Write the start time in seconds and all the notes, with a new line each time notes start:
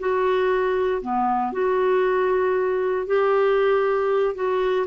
0.00 F#4
1.02 B3
1.53 F#4
3.07 G4
4.35 F#4